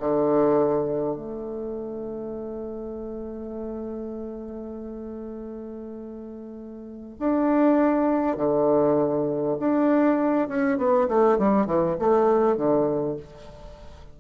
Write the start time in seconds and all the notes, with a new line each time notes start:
0.00 D3
1.17 A3
7.20 D4
8.37 D3
9.60 D4
10.49 C#4
10.78 B3
11.08 A3
11.38 G3
11.67 E3
11.99 A3
12.57 D3